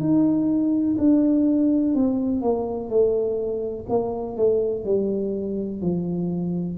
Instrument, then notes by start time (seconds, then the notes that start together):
tuba
0.00 D#4
0.98 D4
1.95 C4
2.42 A#3
2.89 A3
3.89 A#3
4.37 A3
4.85 G3
5.82 F3